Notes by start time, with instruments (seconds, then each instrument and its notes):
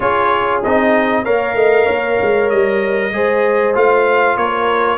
0.00 tuba C#4, trombone F4, horn G#4, trumpet C#5
0.63 tuba C4, trombone D#4, trumpet D#5
1.24 tuba A#3, trombone A#4, horn C#5, trumpet F5
1.55 tuba A3, horn D#5
1.85 tuba A#3, horn C#5
2.21 tuba G#3
2.49 tuba G3, trumpet D#5
3.12 tuba G#3, trombone G#4, horn C5
3.74 tuba A3, trombone F4, trumpet F5
4.36 tuba A#3, horn A#4, trumpet C#5